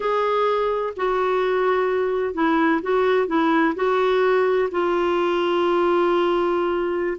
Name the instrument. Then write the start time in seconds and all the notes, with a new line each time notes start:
clarinet
0.00 G#4
0.96 F#4
2.34 E4
2.82 F#4
3.27 E4
3.75 F#4
4.71 F4